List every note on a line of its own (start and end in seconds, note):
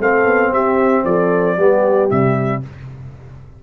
0.00 0.25 A3
0.00 1.58 C4
0.00 0.53 A4
0.00 0.54 F5
0.25 0.51 B3
0.51 1.04 C4
0.51 1.05 G4
0.51 1.05 E5
1.05 1.58 F3
1.05 1.57 A4
1.05 2.11 D5
1.57 2.10 G3
1.57 2.10 B3
1.57 2.63 G4
2.10 2.64 C3
2.10 2.63 G3
2.10 2.63 E5